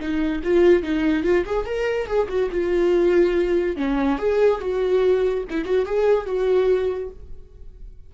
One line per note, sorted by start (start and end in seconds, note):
0.00 0.42 D#4
0.44 0.83 F4
0.83 1.24 D#4
1.24 1.45 F4
1.46 1.66 G#4
1.66 2.07 A#4
2.07 2.28 G#4
2.29 2.50 F#4
2.51 3.76 F4
3.76 4.18 C#4
4.19 4.60 G#4
4.60 5.44 F#4
5.50 5.65 E4
5.65 5.86 F#4
5.86 6.26 G#4
6.26 7.10 F#4